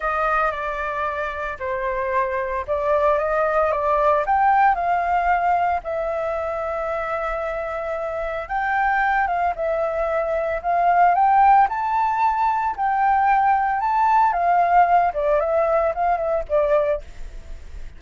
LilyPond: \new Staff \with { instrumentName = "flute" } { \time 4/4 \tempo 4 = 113 dis''4 d''2 c''4~ | c''4 d''4 dis''4 d''4 | g''4 f''2 e''4~ | e''1 |
g''4. f''8 e''2 | f''4 g''4 a''2 | g''2 a''4 f''4~ | f''8 d''8 e''4 f''8 e''8 d''4 | }